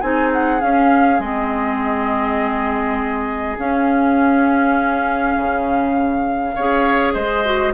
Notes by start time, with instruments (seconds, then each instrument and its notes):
0.00 bassoon C4, clarinet D#4, oboe G#4, flute G#5
0.32 flute F#5
0.60 clarinet C#4, bassoon C#4, flute F5
1.19 bassoon G#3, clarinet C4, flute D#5
3.56 clarinet C#4, bassoon C#4, flute F5
5.37 bassoon C#3
6.55 bassoon C#4, clarinet G#4, oboe C#5
7.12 bassoon G#3, oboe C5, flute D#5
7.45 clarinet F#4